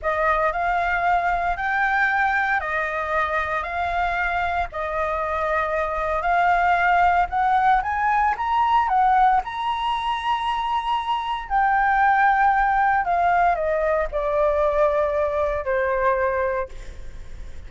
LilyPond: \new Staff \with { instrumentName = "flute" } { \time 4/4 \tempo 4 = 115 dis''4 f''2 g''4~ | g''4 dis''2 f''4~ | f''4 dis''2. | f''2 fis''4 gis''4 |
ais''4 fis''4 ais''2~ | ais''2 g''2~ | g''4 f''4 dis''4 d''4~ | d''2 c''2 | }